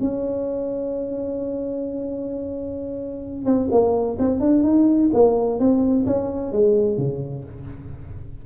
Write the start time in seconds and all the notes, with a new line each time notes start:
0.00 C#4
3.45 C4
3.71 A#3
4.19 C4
4.40 D4
4.63 D#4
5.13 A#3
5.59 C4
6.06 C#4
6.52 G#3
6.97 C#3